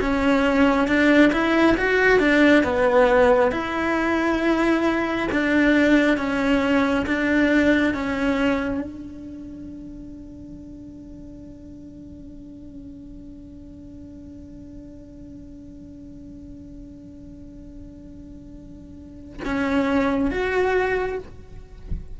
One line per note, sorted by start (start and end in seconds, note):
0.00 0.87 C#4
0.87 1.31 D4
1.32 1.76 E4
1.77 2.19 F#4
2.19 2.63 D4
2.64 3.51 B3
3.51 5.28 E4
5.31 6.17 D4
6.17 7.05 C#4
7.06 7.94 D4
7.94 8.81 C#4
8.81 19.40 D4
19.45 20.30 C#4
20.30 21.18 F#4